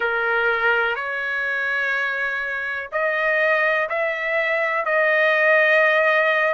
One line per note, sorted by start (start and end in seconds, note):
0.00 0.95 A#4
0.95 2.89 C#5
2.92 3.88 D#5
3.89 4.85 E5
4.85 6.54 D#5